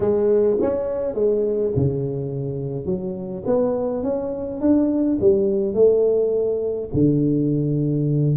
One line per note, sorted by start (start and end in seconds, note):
0.00 0.57 G#3
0.61 1.14 C#4
1.14 1.72 G#3
1.76 2.85 C#3
2.85 3.43 F#3
3.46 4.03 B3
4.03 4.60 C#4
4.60 5.18 D4
5.21 5.74 G3
5.74 6.89 A3
6.93 8.36 D3